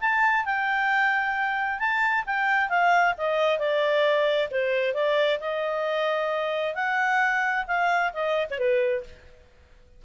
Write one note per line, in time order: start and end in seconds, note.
0.00 0.45 A5
0.45 1.79 G5
1.79 2.24 A5
2.26 2.69 G5
2.69 3.14 F5
3.17 3.58 D#5
3.58 4.49 D5
4.51 4.94 C5
4.94 5.39 D5
5.40 6.75 D#5
6.75 7.65 F#5
7.67 8.12 F5
8.13 8.47 D#5
8.50 8.58 C#5
8.58 9.03 B4